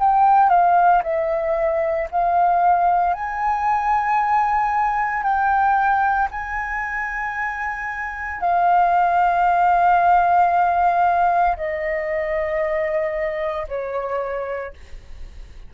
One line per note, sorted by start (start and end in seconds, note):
0.00 0.50 G5
0.50 1.02 F5
1.03 2.09 E5
2.11 3.14 F5
3.14 5.23 G#5
5.23 6.29 G5
6.31 8.41 G#5
8.41 11.56 F5
11.57 13.67 D#5
13.68 14.74 C#5